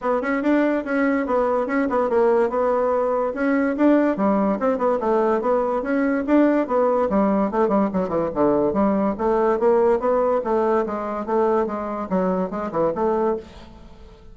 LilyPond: \new Staff \with { instrumentName = "bassoon" } { \time 4/4 \tempo 4 = 144 b8 cis'8 d'4 cis'4 b4 | cis'8 b8 ais4 b2 | cis'4 d'4 g4 c'8 b8 | a4 b4 cis'4 d'4 |
b4 g4 a8 g8 fis8 e8 | d4 g4 a4 ais4 | b4 a4 gis4 a4 | gis4 fis4 gis8 e8 a4 | }